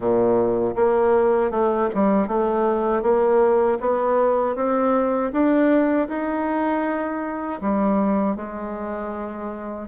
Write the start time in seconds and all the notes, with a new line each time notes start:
0.00 A#2
0.75 A#3
1.51 A3
1.94 G3
2.28 A3
3.02 A#3
3.80 B3
4.55 C4
5.32 D4
6.08 D#4
7.61 G3
8.36 G#3